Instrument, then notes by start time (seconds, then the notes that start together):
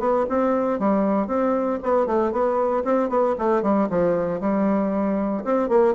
bassoon
0.00 B3
0.29 C4
0.79 G3
1.28 C4
1.83 B3
2.06 A3
2.32 B3
2.85 C4
3.09 B3
3.39 A3
3.63 G3
3.90 F3
4.41 G3
5.45 C4
5.69 A#3